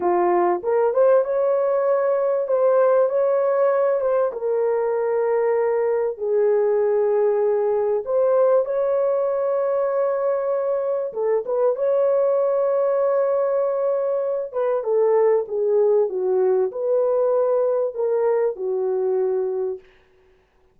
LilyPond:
\new Staff \with { instrumentName = "horn" } { \time 4/4 \tempo 4 = 97 f'4 ais'8 c''8 cis''2 | c''4 cis''4. c''8 ais'4~ | ais'2 gis'2~ | gis'4 c''4 cis''2~ |
cis''2 a'8 b'8 cis''4~ | cis''2.~ cis''8 b'8 | a'4 gis'4 fis'4 b'4~ | b'4 ais'4 fis'2 | }